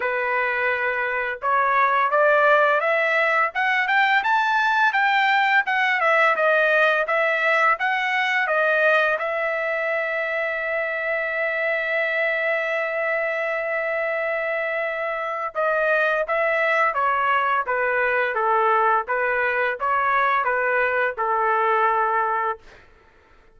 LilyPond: \new Staff \with { instrumentName = "trumpet" } { \time 4/4 \tempo 4 = 85 b'2 cis''4 d''4 | e''4 fis''8 g''8 a''4 g''4 | fis''8 e''8 dis''4 e''4 fis''4 | dis''4 e''2.~ |
e''1~ | e''2 dis''4 e''4 | cis''4 b'4 a'4 b'4 | cis''4 b'4 a'2 | }